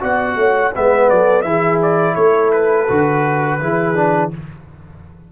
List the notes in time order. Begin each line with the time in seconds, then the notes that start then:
0.00 B3 F#4 D5 F#5
0.35 A3 C#5
0.74 G#3 B3 B4 E5
1.09 F#3 A4 D5
1.42 E3 E4 G#4 E5
1.82 D5
2.14 A3 A4 C#5
2.52 B4
2.88 D3 F#4
3.60 E3 E4 G#4
3.95 D4